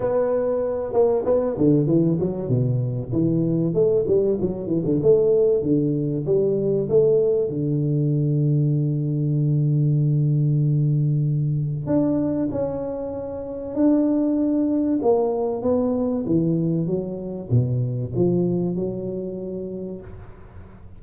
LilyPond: \new Staff \with { instrumentName = "tuba" } { \time 4/4 \tempo 4 = 96 b4. ais8 b8 d8 e8 fis8 | b,4 e4 a8 g8 fis8 e16 d16 | a4 d4 g4 a4 | d1~ |
d2. d'4 | cis'2 d'2 | ais4 b4 e4 fis4 | b,4 f4 fis2 | }